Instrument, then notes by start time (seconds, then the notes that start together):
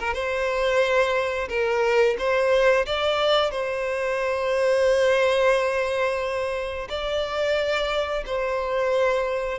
violin
0.00 A#4
0.14 C5
1.50 A#4
2.19 C5
2.87 D5
3.51 C5
6.90 D5
8.26 C5